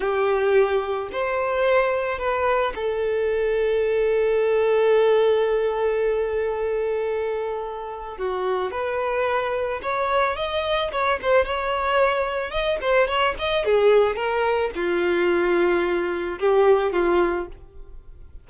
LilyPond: \new Staff \with { instrumentName = "violin" } { \time 4/4 \tempo 4 = 110 g'2 c''2 | b'4 a'2.~ | a'1~ | a'2. fis'4 |
b'2 cis''4 dis''4 | cis''8 c''8 cis''2 dis''8 c''8 | cis''8 dis''8 gis'4 ais'4 f'4~ | f'2 g'4 f'4 | }